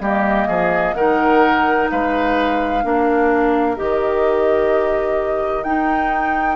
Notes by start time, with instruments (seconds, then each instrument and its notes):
0.00 bassoon G3, clarinet A#3, oboe G4, flute D#5
0.48 bassoon F3, oboe G#4
0.94 bassoon D#3, clarinet D#4, oboe A#4, flute F#5
1.90 bassoon G#3, oboe B4, flute F5
2.83 bassoon A#3, clarinet D4, oboe A#4
3.76 bassoon D#3, clarinet G4, flute D#5
5.63 bassoon D#4, clarinet D#4, flute G5